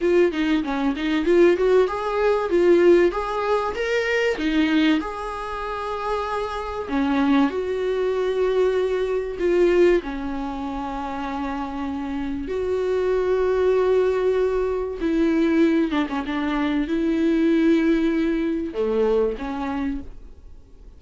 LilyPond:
\new Staff \with { instrumentName = "viola" } { \time 4/4 \tempo 4 = 96 f'8 dis'8 cis'8 dis'8 f'8 fis'8 gis'4 | f'4 gis'4 ais'4 dis'4 | gis'2. cis'4 | fis'2. f'4 |
cis'1 | fis'1 | e'4. d'16 cis'16 d'4 e'4~ | e'2 a4 cis'4 | }